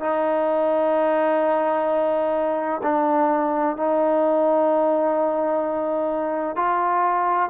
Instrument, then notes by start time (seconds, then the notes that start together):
trombone
0.00 D#4
2.83 D4
3.76 D#4
6.56 F4